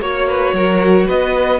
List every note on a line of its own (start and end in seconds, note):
0.00 0.53 A#3
0.00 1.59 F#4
0.00 1.07 C#5
0.00 0.27 C#5
0.27 0.54 B4
0.53 1.06 F#3
0.53 1.06 A#4
1.06 1.60 B3
1.06 1.59 B4
1.06 1.60 D#5